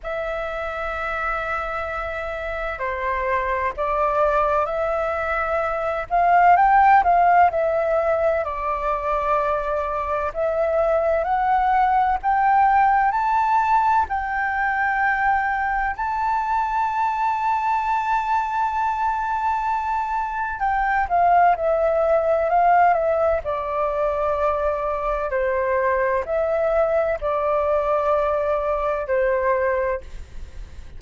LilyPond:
\new Staff \with { instrumentName = "flute" } { \time 4/4 \tempo 4 = 64 e''2. c''4 | d''4 e''4. f''8 g''8 f''8 | e''4 d''2 e''4 | fis''4 g''4 a''4 g''4~ |
g''4 a''2.~ | a''2 g''8 f''8 e''4 | f''8 e''8 d''2 c''4 | e''4 d''2 c''4 | }